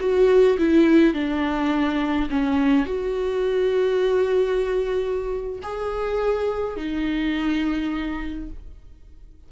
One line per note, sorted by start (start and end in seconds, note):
0.00 0.58 F#4
0.58 1.14 E4
1.14 2.29 D4
2.30 2.86 C#4
2.86 5.60 F#4
5.63 6.77 G#4
6.77 8.50 D#4